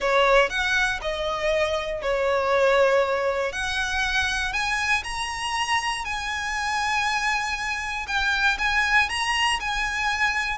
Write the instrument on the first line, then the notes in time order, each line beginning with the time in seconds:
violin
0.00 C#5
0.49 F#5
1.01 D#5
2.02 C#5
3.52 F#5
4.52 G#5
5.03 A#5
6.04 G#5
8.07 G5
8.58 G#5
9.09 A#5
9.59 G#5